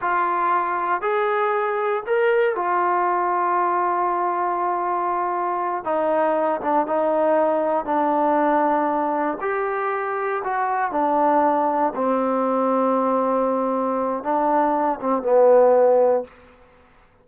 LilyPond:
\new Staff \with { instrumentName = "trombone" } { \time 4/4 \tempo 4 = 118 f'2 gis'2 | ais'4 f'2.~ | f'2.~ f'8 dis'8~ | dis'4 d'8 dis'2 d'8~ |
d'2~ d'8 g'4.~ | g'8 fis'4 d'2 c'8~ | c'1 | d'4. c'8 b2 | }